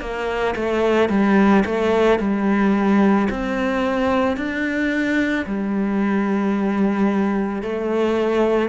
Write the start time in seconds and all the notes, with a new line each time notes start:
0.00 A#3
0.55 A3
1.09 G3
1.65 A3
2.19 G3
3.30 C4
4.36 D4
5.46 G3
7.63 A3